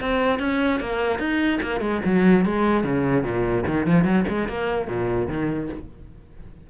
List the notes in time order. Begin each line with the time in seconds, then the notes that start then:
0.00 C4
0.40 C#4
0.80 A#3
1.19 D#4
1.62 A#3
1.81 G#3
2.05 F#3
2.45 G#3
2.84 C#3
3.23 A#2
3.66 D#3
3.86 F3
4.04 F#3
4.28 G#3
4.48 A#3
4.88 A#2
5.28 D#3